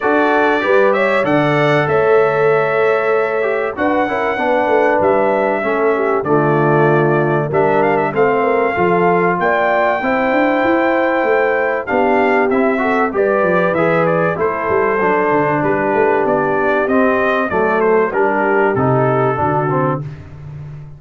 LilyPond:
<<
  \new Staff \with { instrumentName = "trumpet" } { \time 4/4 \tempo 4 = 96 d''4. e''8 fis''4 e''4~ | e''2 fis''2 | e''2 d''2 | e''8 f''16 e''16 f''2 g''4~ |
g''2. f''4 | e''4 d''4 e''8 d''8 c''4~ | c''4 b'4 d''4 dis''4 | d''8 c''8 ais'4 a'2 | }
  \new Staff \with { instrumentName = "horn" } { \time 4/4 a'4 b'8 cis''8 d''4 cis''4~ | cis''2 b'8 ais'8 b'4~ | b'4 a'8 g'8 f'2 | ais'4 a'16 c''16 ais'8 a'4 d''4 |
c''2. g'4~ | g'8 a'8 b'2 a'4~ | a'4 g'2. | a'4 g'2 fis'4 | }
  \new Staff \with { instrumentName = "trombone" } { \time 4/4 fis'4 g'4 a'2~ | a'4. g'8 fis'8 e'8 d'4~ | d'4 cis'4 a2 | d'4 c'4 f'2 |
e'2. d'4 | e'8 fis'8 g'4 gis'4 e'4 | d'2. c'4 | a4 d'4 dis'4 d'8 c'8 | }
  \new Staff \with { instrumentName = "tuba" } { \time 4/4 d'4 g4 d4 a4~ | a2 d'8 cis'8 b8 a8 | g4 a4 d2 | g4 a4 f4 ais4 |
c'8 d'8 e'4 a4 b4 | c'4 g8 f8 e4 a8 g8 | fis8 d8 g8 a8 b4 c'4 | fis4 g4 c4 d4 | }
>>